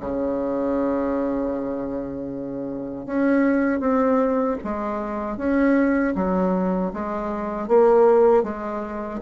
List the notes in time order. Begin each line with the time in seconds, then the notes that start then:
0.00 C#3
3.06 C#4
3.80 C4
4.64 G#3
5.37 C#4
6.15 F#3
6.93 G#3
7.68 A#3
8.43 G#3